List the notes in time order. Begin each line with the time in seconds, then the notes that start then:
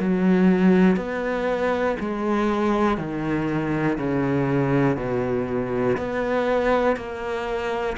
0.00 F#3
0.96 B3
2.00 G#3
2.98 D#3
3.99 C#3
4.97 B2
5.97 B3
6.97 A#3